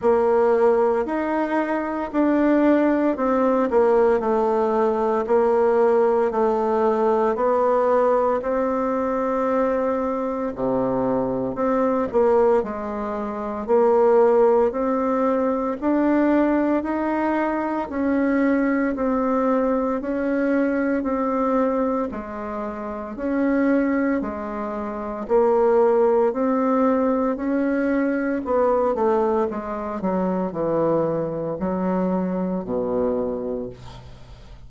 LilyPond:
\new Staff \with { instrumentName = "bassoon" } { \time 4/4 \tempo 4 = 57 ais4 dis'4 d'4 c'8 ais8 | a4 ais4 a4 b4 | c'2 c4 c'8 ais8 | gis4 ais4 c'4 d'4 |
dis'4 cis'4 c'4 cis'4 | c'4 gis4 cis'4 gis4 | ais4 c'4 cis'4 b8 a8 | gis8 fis8 e4 fis4 b,4 | }